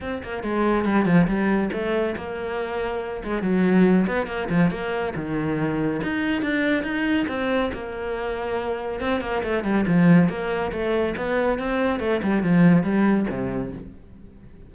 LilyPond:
\new Staff \with { instrumentName = "cello" } { \time 4/4 \tempo 4 = 140 c'8 ais8 gis4 g8 f8 g4 | a4 ais2~ ais8 gis8 | fis4. b8 ais8 f8 ais4 | dis2 dis'4 d'4 |
dis'4 c'4 ais2~ | ais4 c'8 ais8 a8 g8 f4 | ais4 a4 b4 c'4 | a8 g8 f4 g4 c4 | }